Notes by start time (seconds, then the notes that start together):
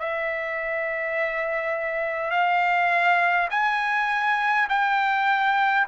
0.00 E5
2.31 F5
3.51 G#5
4.70 G5